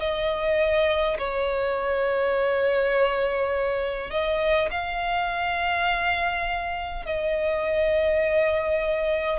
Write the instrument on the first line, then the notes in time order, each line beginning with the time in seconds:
violin
0.00 D#5
1.19 C#5
4.11 D#5
4.71 F5
7.06 D#5